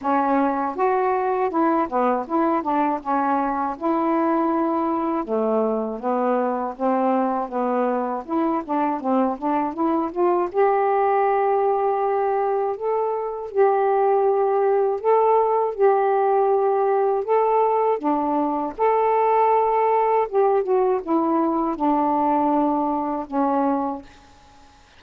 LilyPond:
\new Staff \with { instrumentName = "saxophone" } { \time 4/4 \tempo 4 = 80 cis'4 fis'4 e'8 b8 e'8 d'8 | cis'4 e'2 a4 | b4 c'4 b4 e'8 d'8 | c'8 d'8 e'8 f'8 g'2~ |
g'4 a'4 g'2 | a'4 g'2 a'4 | d'4 a'2 g'8 fis'8 | e'4 d'2 cis'4 | }